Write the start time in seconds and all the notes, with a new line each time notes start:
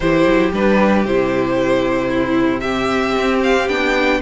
0.00 E3 E4 G4 C5
0.26 F#3
0.53 G3 D4 B4
1.04 C3 E4 C5
2.08 E4
2.60 C4 G4 E5
3.17 C4
3.43 F5
3.68 B3 D4 G5